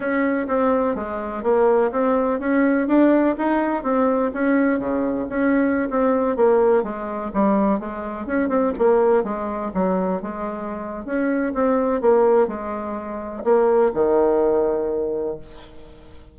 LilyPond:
\new Staff \with { instrumentName = "bassoon" } { \time 4/4 \tempo 4 = 125 cis'4 c'4 gis4 ais4 | c'4 cis'4 d'4 dis'4 | c'4 cis'4 cis4 cis'4~ | cis'16 c'4 ais4 gis4 g8.~ |
g16 gis4 cis'8 c'8 ais4 gis8.~ | gis16 fis4 gis4.~ gis16 cis'4 | c'4 ais4 gis2 | ais4 dis2. | }